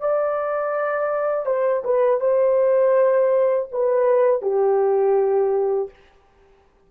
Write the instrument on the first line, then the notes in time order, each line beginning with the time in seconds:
horn
0.00 D5
1.46 C5
1.84 B4
2.20 C5
3.72 B4
4.41 G4